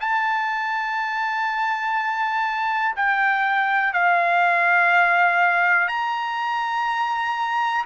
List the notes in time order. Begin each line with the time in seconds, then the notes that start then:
0.00 A5
2.96 G5
3.93 F5
5.88 A#5